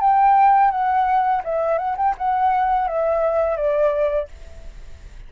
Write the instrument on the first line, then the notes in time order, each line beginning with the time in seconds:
flute
0.00 G5
0.71 F#5
1.44 E5
1.78 F#5
1.97 G5
2.18 F#5
2.87 E5
3.56 D5